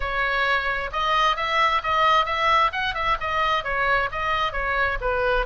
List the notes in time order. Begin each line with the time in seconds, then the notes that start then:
0.00 C#5
0.92 D#5
1.36 E5
1.83 D#5
2.25 E5
2.72 F#5
2.94 E5
3.20 D#5
3.64 C#5
4.11 D#5
4.52 C#5
5.00 B4